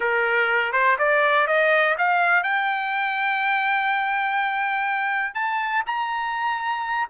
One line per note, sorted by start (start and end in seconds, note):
0.00 0.72 A#4
0.72 0.96 C5
0.98 1.47 D5
1.47 1.96 D#5
1.98 2.43 F5
2.43 5.34 G5
5.34 5.83 A5
5.86 7.08 A#5